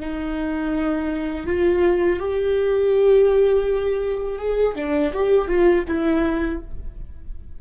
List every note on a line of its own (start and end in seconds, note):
0.00 1.46 D#4
1.46 2.19 F4
2.20 4.39 G4
4.39 4.75 G#4
4.76 5.12 D4
5.13 5.48 G4
5.48 5.84 F4
5.88 6.61 E4